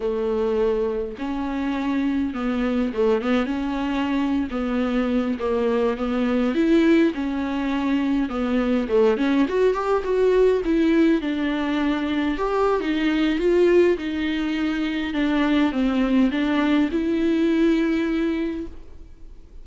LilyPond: \new Staff \with { instrumentName = "viola" } { \time 4/4 \tempo 4 = 103 a2 cis'2 | b4 a8 b8 cis'4.~ cis'16 b16~ | b4~ b16 ais4 b4 e'8.~ | e'16 cis'2 b4 a8 cis'16~ |
cis'16 fis'8 g'8 fis'4 e'4 d'8.~ | d'4~ d'16 g'8. dis'4 f'4 | dis'2 d'4 c'4 | d'4 e'2. | }